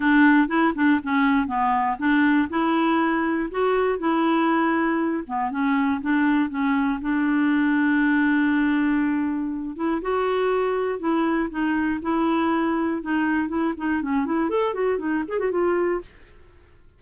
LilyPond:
\new Staff \with { instrumentName = "clarinet" } { \time 4/4 \tempo 4 = 120 d'4 e'8 d'8 cis'4 b4 | d'4 e'2 fis'4 | e'2~ e'8 b8 cis'4 | d'4 cis'4 d'2~ |
d'2.~ d'8 e'8 | fis'2 e'4 dis'4 | e'2 dis'4 e'8 dis'8 | cis'8 e'8 a'8 fis'8 dis'8 gis'16 fis'16 f'4 | }